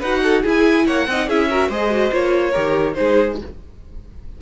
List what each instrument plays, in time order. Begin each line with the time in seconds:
0.00 cello D#4, viola F#4, violin B4 F#5
0.24 violin A4
0.43 viola E4, cello E4, violin G#4
0.49 violin G#5
0.87 cello A#3, violin C#5 F#5
1.08 cello C4, viola D#4, violin D#5
1.27 cello C#4, viola E4, violin G#4 E5
1.50 viola F#4, violin A#4
1.68 cello G#3, viola G#4, violin C5 D#5
1.91 viola F#4
2.11 cello A#3, viola F4, violin C#5
2.51 cello D#3, viola G4, violin A#4
2.94 cello G#3, viola D#4, violin G#4 C5